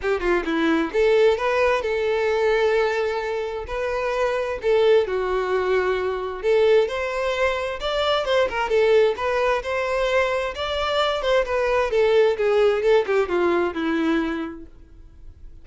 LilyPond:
\new Staff \with { instrumentName = "violin" } { \time 4/4 \tempo 4 = 131 g'8 f'8 e'4 a'4 b'4 | a'1 | b'2 a'4 fis'4~ | fis'2 a'4 c''4~ |
c''4 d''4 c''8 ais'8 a'4 | b'4 c''2 d''4~ | d''8 c''8 b'4 a'4 gis'4 | a'8 g'8 f'4 e'2 | }